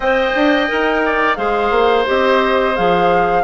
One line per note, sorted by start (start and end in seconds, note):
0.00 0.30 C4
0.00 0.68 C5
0.00 1.01 D#5
0.00 1.35 G5
0.35 0.69 D4
0.68 1.37 D#4
0.68 1.36 A#4
1.05 1.37 D5
1.35 1.70 G#3
1.35 2.05 G#4
1.35 3.43 C5
1.35 2.04 F5
1.70 2.05 A#3
2.06 2.78 C4
2.06 2.75 G4
2.06 2.76 D#5
2.75 3.43 F3
2.75 3.43 G#4
2.75 3.43 F5